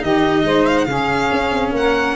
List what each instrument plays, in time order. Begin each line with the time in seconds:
0.00 tuba D#3, cello D#4, saxophone G4, violin D#5
0.44 tuba G#3, saxophone C5
0.67 violin F5
0.78 violin F#5
0.85 tuba C#3, saxophone G#4, violin F5
0.92 cello C#4
1.32 tuba C#4
1.51 tuba C4
1.72 tuba A#3, violin F#5
1.79 saxophone A#4